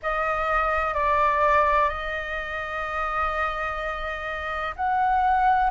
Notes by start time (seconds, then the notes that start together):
0.02 D#5
0.94 D5
1.89 D#5
4.76 F#5